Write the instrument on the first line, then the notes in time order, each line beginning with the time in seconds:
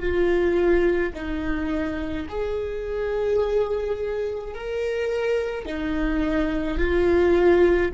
viola
0.00 F4
1.14 D#4
2.29 G#4
4.55 A#4
5.66 D#4
6.78 F4